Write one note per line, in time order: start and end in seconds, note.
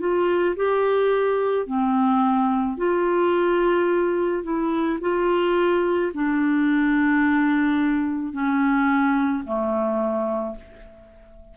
0.00 0.56 F4
0.56 1.67 G4
1.67 2.77 C4
2.77 4.43 F4
4.43 4.99 E4
5.01 6.12 F4
6.14 8.33 D4
8.33 9.44 C#4
9.45 10.56 A3